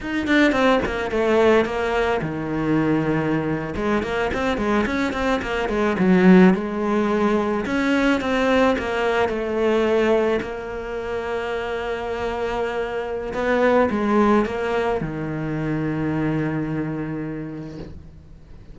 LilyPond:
\new Staff \with { instrumentName = "cello" } { \time 4/4 \tempo 4 = 108 dis'8 d'8 c'8 ais8 a4 ais4 | dis2~ dis8. gis8 ais8 c'16~ | c'16 gis8 cis'8 c'8 ais8 gis8 fis4 gis16~ | gis4.~ gis16 cis'4 c'4 ais16~ |
ais8. a2 ais4~ ais16~ | ais1 | b4 gis4 ais4 dis4~ | dis1 | }